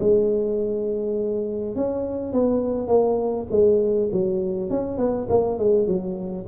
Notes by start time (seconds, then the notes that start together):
0.00 G#3
1.76 C#4
2.33 B3
2.88 A#3
3.51 G#3
4.12 F#3
4.70 C#4
4.98 B3
5.30 A#3
5.59 G#3
5.87 F#3